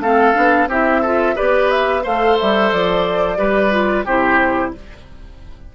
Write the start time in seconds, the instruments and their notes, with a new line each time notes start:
0.00 bassoon A3, clarinet C4, oboe A4, flute F5
0.34 bassoon B3, clarinet D4
0.68 bassoon C4, clarinet E4, oboe G4, flute E5
1.02 clarinet F4, oboe A4
1.36 bassoon B3, clarinet G4, oboe B4, flute D5
1.71 flute E5
2.04 bassoon A3, clarinet A4, oboe C5, flute F5
2.40 bassoon G3, flute E5
2.72 bassoon F3, flute D5
3.37 bassoon G3, clarinet G4, oboe B4
3.71 clarinet F4
4.06 bassoon C3, clarinet E4, oboe G4, flute C5